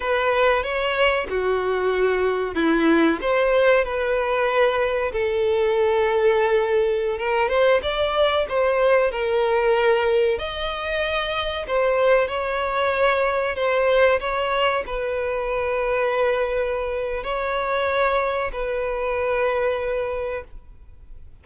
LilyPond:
\new Staff \with { instrumentName = "violin" } { \time 4/4 \tempo 4 = 94 b'4 cis''4 fis'2 | e'4 c''4 b'2 | a'2.~ a'16 ais'8 c''16~ | c''16 d''4 c''4 ais'4.~ ais'16~ |
ais'16 dis''2 c''4 cis''8.~ | cis''4~ cis''16 c''4 cis''4 b'8.~ | b'2. cis''4~ | cis''4 b'2. | }